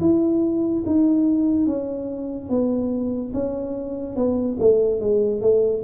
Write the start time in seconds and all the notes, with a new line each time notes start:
0.00 E4
0.86 D#4
1.66 C#4
2.49 B3
3.33 C#4
4.16 B3
4.59 A3
5.00 G#3
5.41 A3